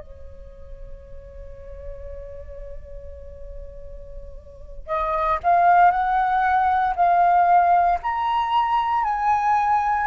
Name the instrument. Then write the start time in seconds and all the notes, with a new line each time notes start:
flute
0.00 C#5
4.87 D#5
5.44 F5
5.92 F#5
6.96 F5
8.03 A#5
9.04 G#5